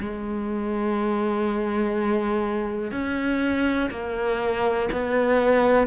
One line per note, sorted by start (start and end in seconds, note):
0.00 2.92 G#3
2.92 3.90 C#4
3.91 4.90 A#3
4.93 5.87 B3